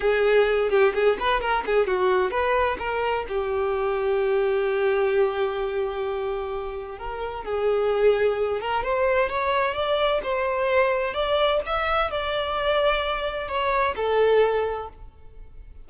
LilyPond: \new Staff \with { instrumentName = "violin" } { \time 4/4 \tempo 4 = 129 gis'4. g'8 gis'8 b'8 ais'8 gis'8 | fis'4 b'4 ais'4 g'4~ | g'1~ | g'2. ais'4 |
gis'2~ gis'8 ais'8 c''4 | cis''4 d''4 c''2 | d''4 e''4 d''2~ | d''4 cis''4 a'2 | }